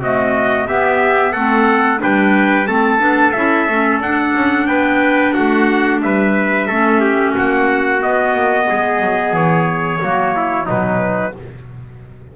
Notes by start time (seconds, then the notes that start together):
0.00 A3 C4 F#4 D#5
0.67 B3 G4 E5
1.32 A3 C4 A4 F#5
1.98 G3 D4 B4 G5
2.67 A3 C4 A4 A5
2.99 B3 D4
3.32 C#4 E4 E5
3.67 A3 C#4
4.00 D4 F#5
4.34 C#4
4.67 B3 B4 G5
5.34 A3 F#4 F#5
6.02 G3 B4 E5
6.67 A3 C#4 A4
7.00 G4
7.31 F#4
7.38 A#3 F#5
7.99 B3 D#5
8.34 A#3
8.68 G#3 G#4
9.01 F#3
9.33 E3 C#5
10.00 F#3 A#3 F#4
10.36 E4
10.66 B2 F#3 D#4 B4